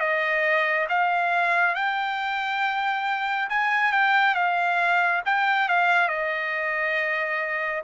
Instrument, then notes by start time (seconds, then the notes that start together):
trumpet
0.00 D#5
0.89 F5
1.75 G5
3.49 G#5
3.92 G5
4.35 F5
5.25 G5
5.69 F5
6.09 D#5